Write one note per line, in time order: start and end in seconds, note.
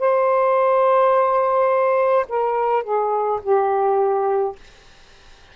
0.00 2.26 C5
2.29 2.84 A#4
2.84 3.41 G#4
3.43 4.56 G4